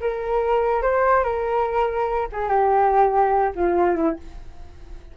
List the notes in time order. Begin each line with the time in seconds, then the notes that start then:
0.00 A#4
0.82 C5
1.23 A#4
2.32 G#4
2.48 G4
3.55 F4
3.95 E4